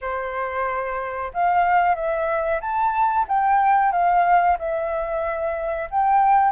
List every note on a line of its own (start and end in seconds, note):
0.01 1.31 C5
1.33 1.95 F5
1.95 2.60 E5
2.60 3.25 A5
3.28 3.92 G5
3.92 4.57 F5
4.58 5.89 E5
5.90 6.51 G5